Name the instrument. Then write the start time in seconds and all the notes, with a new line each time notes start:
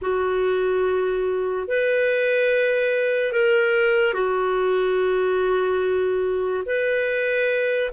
clarinet
0.01 F#4
1.67 B4
3.32 A#4
4.13 F#4
6.65 B4